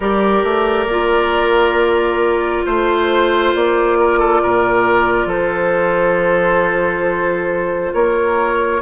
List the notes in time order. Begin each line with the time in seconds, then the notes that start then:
0.00 G3 G4 A#4 D5
0.43 A3
0.85 A#3 F4
2.65 A3 C5
3.55 A#3 D5
3.99 A#4
4.19 A4
4.42 A#2 A#4
5.25 F3 A4 C5
7.94 A#3 A#4 C#5